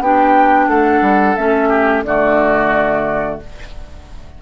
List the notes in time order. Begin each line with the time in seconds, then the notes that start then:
0.00 B3 D4 G4 G5
0.68 A3 A4 F#5
1.02 G3
1.36 A3 C#4 E5
1.69 G4
2.04 D3 A3 F#4 D5